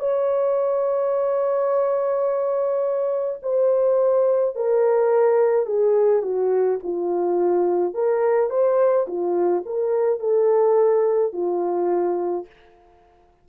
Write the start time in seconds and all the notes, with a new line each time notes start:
0.00 C#5
3.43 C5
4.56 A#4
5.66 G#4
6.23 F#4
6.84 F4
7.95 A#4
8.50 C5
9.08 F4
9.66 A#4
10.20 A4
11.33 F4